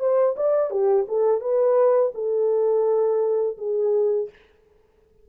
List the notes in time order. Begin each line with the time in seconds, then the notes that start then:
0.00 C5
0.37 D5
0.71 G4
1.09 A4
1.41 B4
2.15 A4
3.58 G#4